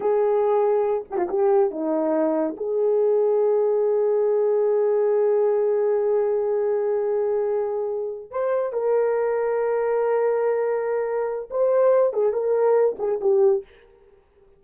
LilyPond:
\new Staff \with { instrumentName = "horn" } { \time 4/4 \tempo 4 = 141 gis'2~ gis'8 g'16 f'16 g'4 | dis'2 gis'2~ | gis'1~ | gis'1~ |
gis'2.~ gis'8 c''8~ | c''8 ais'2.~ ais'8~ | ais'2. c''4~ | c''8 gis'8 ais'4. gis'8 g'4 | }